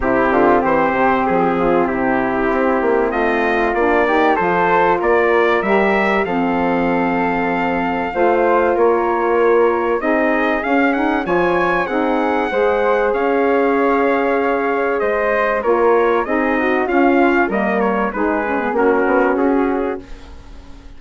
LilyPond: <<
  \new Staff \with { instrumentName = "trumpet" } { \time 4/4 \tempo 4 = 96 g'4 c''4 gis'4 g'4~ | g'4 dis''4 d''4 c''4 | d''4 e''4 f''2~ | f''2 cis''2 |
dis''4 f''8 fis''8 gis''4 fis''4~ | fis''4 f''2. | dis''4 cis''4 dis''4 f''4 | dis''8 cis''8 b'4 ais'4 gis'4 | }
  \new Staff \with { instrumentName = "flute" } { \time 4/4 e'8 f'8 g'4. f'8 e'4~ | e'4 f'4. g'8 a'4 | ais'2 a'2~ | a'4 c''4 ais'2 |
gis'2 cis''4 gis'4 | c''4 cis''2. | c''4 ais'4 gis'8 fis'8 f'4 | ais'4 gis'4 fis'2 | }
  \new Staff \with { instrumentName = "saxophone" } { \time 4/4 c'1~ | c'2 d'8 dis'8 f'4~ | f'4 g'4 c'2~ | c'4 f'2. |
dis'4 cis'8 dis'8 f'4 dis'4 | gis'1~ | gis'4 f'4 dis'4 cis'4 | ais4 dis'8 cis'16 b16 cis'2 | }
  \new Staff \with { instrumentName = "bassoon" } { \time 4/4 c8 d8 e8 c8 f4 c4 | c'8 ais8 a4 ais4 f4 | ais4 g4 f2~ | f4 a4 ais2 |
c'4 cis'4 f4 c'4 | gis4 cis'2. | gis4 ais4 c'4 cis'4 | g4 gis4 ais8 b8 cis'4 | }
>>